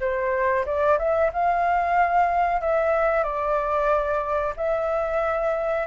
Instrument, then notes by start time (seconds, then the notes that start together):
flute
0.00 C5
0.66 D5
0.98 E5
1.33 F5
2.61 E5
3.24 D5
4.57 E5